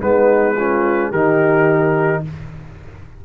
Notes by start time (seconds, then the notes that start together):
0.00 G#3 B3 D#4 B4
0.56 C#4 F4
1.10 D#3 D#4 G4 A#4